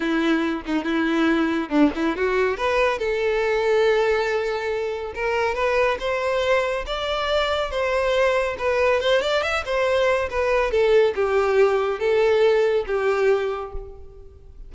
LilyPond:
\new Staff \with { instrumentName = "violin" } { \time 4/4 \tempo 4 = 140 e'4. dis'8 e'2 | d'8 e'8 fis'4 b'4 a'4~ | a'1 | ais'4 b'4 c''2 |
d''2 c''2 | b'4 c''8 d''8 e''8 c''4. | b'4 a'4 g'2 | a'2 g'2 | }